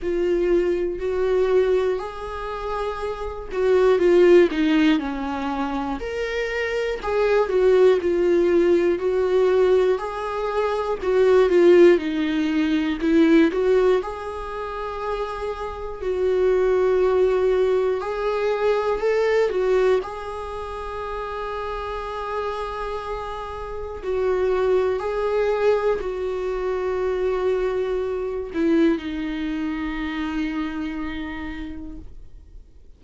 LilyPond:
\new Staff \with { instrumentName = "viola" } { \time 4/4 \tempo 4 = 60 f'4 fis'4 gis'4. fis'8 | f'8 dis'8 cis'4 ais'4 gis'8 fis'8 | f'4 fis'4 gis'4 fis'8 f'8 | dis'4 e'8 fis'8 gis'2 |
fis'2 gis'4 a'8 fis'8 | gis'1 | fis'4 gis'4 fis'2~ | fis'8 e'8 dis'2. | }